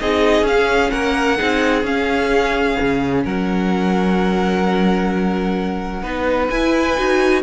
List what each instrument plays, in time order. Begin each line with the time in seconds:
0.00 cello C4, viola D#4, violin G#4 D#5
0.42 cello C#4, violin F5
0.48 viola C#4
0.91 cello A#3, violin A#4 F#5
1.38 cello C4, viola D#4, violin G#4
1.84 cello C#4, viola C#4, violin F5
2.81 cello C#3
3.24 cello F#3, violin A#4 F#5
6.02 cello B3, viola D#4, violin B4
6.50 cello E4, viola E4, violin G#5
6.98 cello D#4, viola F#4